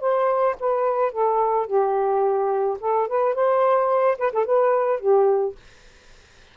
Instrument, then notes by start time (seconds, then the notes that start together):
saxophone
0.00 C5
0.59 B4
1.12 A4
1.66 G4
2.80 A4
3.08 B4
3.34 C5
4.18 B4
4.32 A4
4.45 B4
4.99 G4